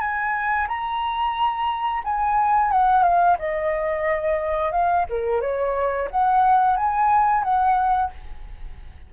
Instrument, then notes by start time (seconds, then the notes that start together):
flute
0.00 G#5
0.67 A#5
2.04 G#5
2.71 F#5
3.03 F5
3.38 D#5
4.72 F5
5.09 A#4
5.41 C#5
6.10 F#5
6.77 G#5
7.43 F#5